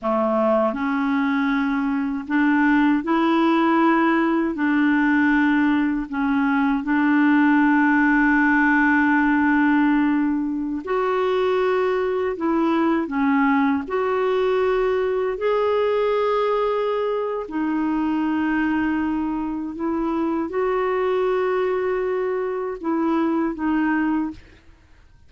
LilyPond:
\new Staff \with { instrumentName = "clarinet" } { \time 4/4 \tempo 4 = 79 a4 cis'2 d'4 | e'2 d'2 | cis'4 d'2.~ | d'2~ d'16 fis'4.~ fis'16~ |
fis'16 e'4 cis'4 fis'4.~ fis'16~ | fis'16 gis'2~ gis'8. dis'4~ | dis'2 e'4 fis'4~ | fis'2 e'4 dis'4 | }